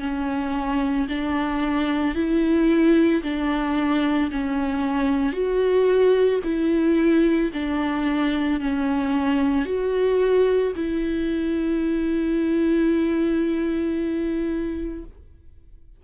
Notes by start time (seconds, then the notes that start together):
0.00 C#4
1.09 D4
2.15 E4
3.23 D4
4.31 C#4
5.33 F#4
6.44 E4
7.53 D4
8.60 C#4
9.65 F#4
10.76 E4